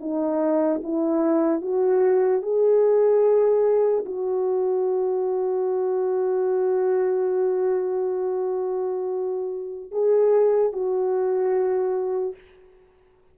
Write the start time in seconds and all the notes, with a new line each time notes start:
0.00 D#4
0.83 E4
1.61 F#4
2.42 G#4
4.05 F#4
9.91 G#4
10.72 F#4